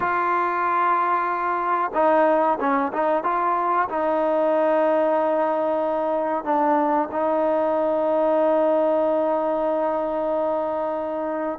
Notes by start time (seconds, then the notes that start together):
0.00 F4
1.94 D#4
2.60 C#4
2.92 D#4
3.23 F4
3.89 D#4
6.44 D4
7.11 D#4